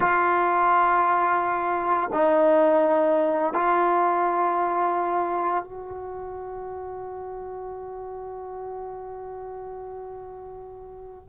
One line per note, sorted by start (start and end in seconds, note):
0.00 2.10 F4
2.12 3.53 D#4
3.53 5.64 F4
5.64 11.28 F#4